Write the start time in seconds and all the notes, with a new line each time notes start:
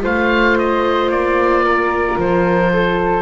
0.00 A3 F4 C5 F5
0.58 D#5
1.09 A#3 D5
1.63 A#4
2.17 F3 C5
2.73 A4